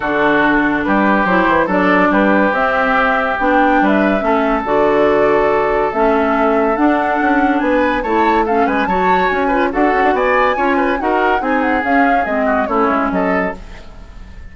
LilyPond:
<<
  \new Staff \with { instrumentName = "flute" } { \time 4/4 \tempo 4 = 142 a'2 b'4 c''4 | d''4 b'4 e''2 | g''4~ g''16 e''4.~ e''16 d''4~ | d''2 e''2 |
fis''2 gis''4 a''4 | f''8 gis''8 a''4 gis''4 fis''4 | gis''2 fis''4 gis''8 fis''8 | f''4 dis''4 cis''4 dis''4 | }
  \new Staff \with { instrumentName = "oboe" } { \time 4/4 fis'2 g'2 | a'4 g'2.~ | g'4 b'4 a'2~ | a'1~ |
a'2 b'4 cis''4 | a'8 b'8 cis''4. b'8 a'4 | d''4 cis''8 b'8 ais'4 gis'4~ | gis'4. fis'8 e'4 a'4 | }
  \new Staff \with { instrumentName = "clarinet" } { \time 4/4 d'2. e'4 | d'2 c'2 | d'2 cis'4 fis'4~ | fis'2 cis'2 |
d'2. e'4 | cis'4 fis'4. f'8 fis'4~ | fis'4 f'4 fis'4 dis'4 | cis'4 c'4 cis'2 | }
  \new Staff \with { instrumentName = "bassoon" } { \time 4/4 d2 g4 fis8 e8 | fis4 g4 c'2 | b4 g4 a4 d4~ | d2 a2 |
d'4 cis'4 b4 a4~ | a8 gis8 fis4 cis'4 d'8 cis'16 d'16 | b4 cis'4 dis'4 c'4 | cis'4 gis4 a8 gis8 fis4 | }
>>